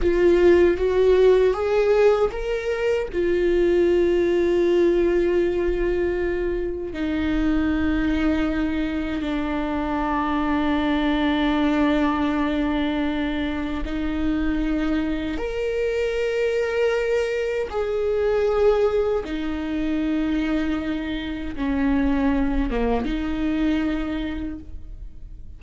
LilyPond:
\new Staff \with { instrumentName = "viola" } { \time 4/4 \tempo 4 = 78 f'4 fis'4 gis'4 ais'4 | f'1~ | f'4 dis'2. | d'1~ |
d'2 dis'2 | ais'2. gis'4~ | gis'4 dis'2. | cis'4. ais8 dis'2 | }